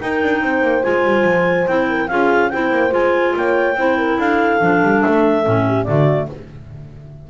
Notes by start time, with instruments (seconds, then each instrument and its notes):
0.00 clarinet D#4 G5, double bass D#4, horn A#4
0.23 double bass D4
0.40 double bass C4, horn C5
0.61 double bass A#3
0.82 double bass G#3, clarinet F4 G#5
1.03 double bass G3
1.24 double bass F3
1.67 double bass C4, clarinet E4 G5
1.88 horn A#4
2.08 double bass C#4, clarinet F4 F5, horn G#4
2.50 double bass C4, clarinet E4 G5, horn C5
2.71 double bass A#3
2.90 double bass G#3, clarinet F4 G#5
3.36 double bass A#3, horn C#5, clarinet G5
3.75 double bass C4, clarinet E4, horn C5
3.98 horn A#4
4.18 double bass D4, horn A4, clarinet F5
4.60 double bass F3, clarinet D4
4.83 double bass G3
5.01 double bass A3, clarinet E5
5.44 double bass A2, clarinet C#4
5.67 horn G4
5.84 double bass D3, clarinet A3 D5, horn F#4